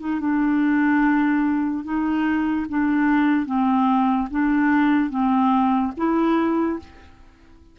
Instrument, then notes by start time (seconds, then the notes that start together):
clarinet
0.00 D#4
0.20 D4
1.84 D#4
2.69 D4
3.46 C4
4.31 D4
5.10 C4
5.97 E4